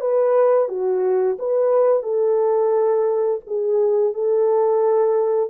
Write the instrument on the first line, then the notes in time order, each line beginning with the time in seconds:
horn
0.00 B4
0.68 F#4
1.39 B4
2.03 A4
3.47 G#4
4.13 A4